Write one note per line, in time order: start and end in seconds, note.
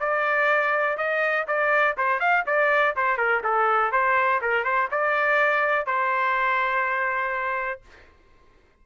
0.00 0.97 D5
0.97 1.46 D#5
1.47 1.96 D5
1.97 2.20 C5
2.20 2.44 F5
2.46 2.95 D5
2.96 3.18 C5
3.18 3.42 A#4
3.43 3.92 A4
3.92 4.41 C5
4.42 4.65 A#4
4.65 4.89 C5
4.91 5.86 D5
5.86 7.82 C5